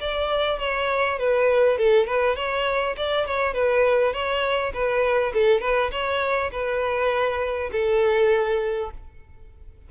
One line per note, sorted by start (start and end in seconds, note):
0.00 0.59 D5
0.59 1.19 C#5
1.19 1.78 B4
1.78 2.07 A4
2.07 2.36 B4
2.36 2.95 C#5
2.97 3.26 D5
3.26 3.53 C#5
3.53 4.13 B4
4.13 4.72 C#5
4.73 5.33 B4
5.33 5.61 A4
5.61 5.91 B4
5.91 6.51 C#5
6.51 7.70 B4
7.72 8.91 A4